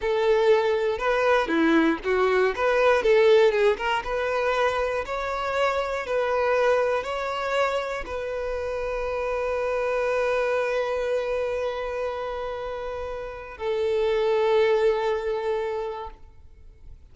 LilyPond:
\new Staff \with { instrumentName = "violin" } { \time 4/4 \tempo 4 = 119 a'2 b'4 e'4 | fis'4 b'4 a'4 gis'8 ais'8 | b'2 cis''2 | b'2 cis''2 |
b'1~ | b'1~ | b'2. a'4~ | a'1 | }